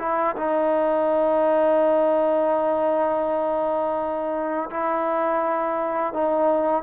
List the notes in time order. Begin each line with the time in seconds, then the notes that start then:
0.00 E4
0.36 D#4
4.71 E4
6.14 D#4